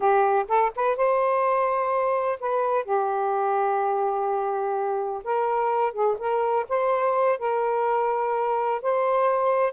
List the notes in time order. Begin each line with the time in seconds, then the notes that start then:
0.00 G4
0.47 A4
0.75 B4
0.96 C5
2.39 B4
2.84 G4
5.24 A#4
5.92 G#4
6.18 A#4
6.68 C5
7.38 A#4
8.81 C5